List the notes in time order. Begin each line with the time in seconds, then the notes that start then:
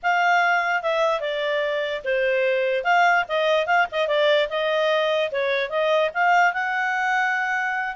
0.03 F5
0.82 E5
1.20 D5
2.04 C5
2.84 F5
3.28 D#5
3.66 F5
3.91 D#5
4.07 D5
4.49 D#5
5.31 C#5
5.69 D#5
6.13 F5
6.53 F#5